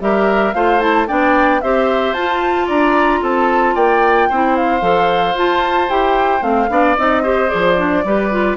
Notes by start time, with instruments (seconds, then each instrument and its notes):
0.00 bassoon G3, clarinet G4, oboe A#4, flute E5
0.54 bassoon A3, clarinet F4, oboe C5, flute F5
0.80 clarinet E4, flute A5
1.08 bassoon B3, clarinet D4, oboe D5, flute G5
1.61 bassoon C4, clarinet G4, oboe C5, flute E5
2.14 bassoon F4, clarinet F4, flute A5
2.66 bassoon D4, oboe D5, flute A#5
3.22 bassoon C4, oboe A4, flute A5
3.75 bassoon A#3, oboe D5, flute G5
4.29 bassoon C4, clarinet E4, oboe C5
4.57 flute F5
4.81 bassoon F3, clarinet A4
5.34 bassoon F4, clarinet F4, flute A5
5.89 bassoon E4, clarinet G4, flute G5
6.41 bassoon A3, clarinet C4, flute F5
6.70 bassoon B3, clarinet D4, oboe D5
6.98 bassoon C4, clarinet D#4, flute D#5
7.23 clarinet G4, oboe C5
7.48 clarinet G#4, flute D5
7.54 bassoon F3
7.77 clarinet D4
8.04 bassoon G3, clarinet G4, oboe B4
8.31 clarinet F4